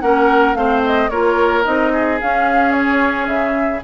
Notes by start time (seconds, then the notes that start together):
0.00 A#3 C#4 A#4 F#5
0.54 A3 C4 C5 F5
0.85 D#5
1.09 A#3 F4 A#4 C#5
1.64 C4 D#4 D#5
1.93 G#4
2.21 C#4 F5
2.72 C#5
3.26 C#3 E5